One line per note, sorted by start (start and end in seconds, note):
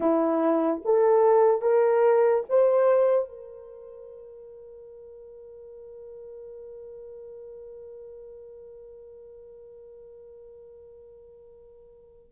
0.00 0.82 E4
0.84 1.61 A4
1.61 2.44 A#4
2.49 3.28 C5
3.28 12.32 A#4